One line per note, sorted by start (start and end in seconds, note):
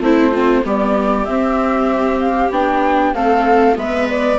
0.00 0.62 A3
0.00 0.31 C4
0.00 0.32 E4
0.00 0.65 C5
0.31 0.63 C4
0.31 0.62 F4
0.63 1.27 G3
0.63 1.26 B3
0.63 3.15 G4
0.63 1.25 D5
1.25 2.50 C4
1.25 2.52 C4
1.25 2.19 E5
2.20 2.51 F5
2.50 3.13 B3
2.50 3.14 D4
2.50 3.14 G5
3.14 3.76 A3
3.14 3.75 C4
3.14 3.78 A4
3.14 3.76 F5
3.75 4.38 G#3
3.75 4.38 B3
3.75 4.38 B4
3.75 4.08 E5
4.09 4.38 D5